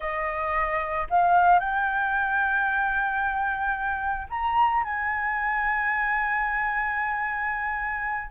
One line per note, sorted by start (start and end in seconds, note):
0.00 1.07 D#5
1.10 1.59 F5
1.59 4.27 G5
4.30 4.83 A#5
4.83 8.30 G#5